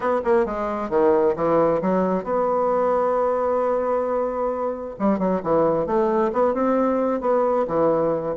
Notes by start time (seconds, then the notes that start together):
0.00 B3
0.24 A#3
0.45 G#3
0.89 D#3
1.36 E3
1.81 F#3
2.24 B3
4.99 G3
5.18 F#3
5.43 E3
5.86 A3
6.33 B3
6.54 C4
7.20 B3
7.67 E3